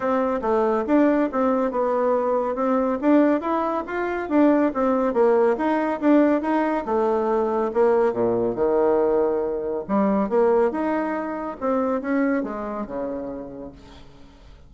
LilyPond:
\new Staff \with { instrumentName = "bassoon" } { \time 4/4 \tempo 4 = 140 c'4 a4 d'4 c'4 | b2 c'4 d'4 | e'4 f'4 d'4 c'4 | ais4 dis'4 d'4 dis'4 |
a2 ais4 ais,4 | dis2. g4 | ais4 dis'2 c'4 | cis'4 gis4 cis2 | }